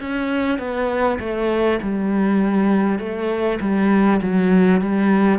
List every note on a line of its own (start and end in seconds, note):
0.00 0.59 C#4
0.59 1.19 B3
1.19 1.79 A3
1.83 2.99 G3
2.99 3.59 A3
3.61 4.21 G3
4.22 4.81 F#3
4.81 5.39 G3